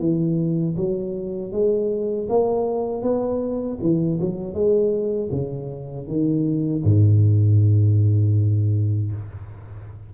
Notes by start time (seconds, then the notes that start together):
0.00 E3
0.77 F#3
1.52 G#3
2.30 A#3
3.02 B3
3.82 E3
4.21 F#3
4.54 G#3
5.32 C#3
6.08 D#3
6.84 G#2